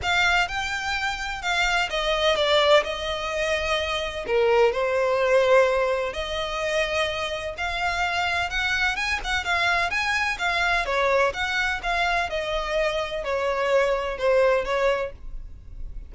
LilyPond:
\new Staff \with { instrumentName = "violin" } { \time 4/4 \tempo 4 = 127 f''4 g''2 f''4 | dis''4 d''4 dis''2~ | dis''4 ais'4 c''2~ | c''4 dis''2. |
f''2 fis''4 gis''8 fis''8 | f''4 gis''4 f''4 cis''4 | fis''4 f''4 dis''2 | cis''2 c''4 cis''4 | }